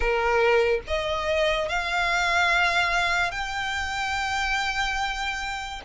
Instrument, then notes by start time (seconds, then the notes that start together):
violin
0.00 A#4
0.87 D#5
1.69 F5
3.31 G5